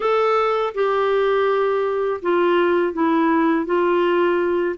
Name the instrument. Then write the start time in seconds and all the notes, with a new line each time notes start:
clarinet
0.00 A4
0.74 G4
2.22 F4
2.93 E4
3.66 F4